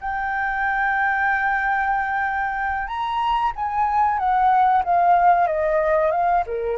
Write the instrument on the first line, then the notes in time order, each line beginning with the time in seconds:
flute
0.00 G5
2.87 A#5
3.55 G#5
4.18 F#5
4.83 F5
5.47 D#5
6.11 F5
6.46 A#4